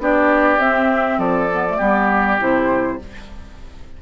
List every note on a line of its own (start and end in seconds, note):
0.00 0.58 B3
0.00 0.60 D4
0.00 1.19 G4
0.00 0.60 D5
0.58 1.18 C4
0.58 1.50 C4
0.58 1.20 E5
1.18 1.78 F3
1.18 1.78 A4
1.18 2.40 D5
1.53 1.68 B3
1.69 1.79 A3
1.78 2.40 G3
1.78 2.40 B3
1.78 2.98 G4
2.40 3.01 C3
2.40 3.00 E4
2.40 3.02 C5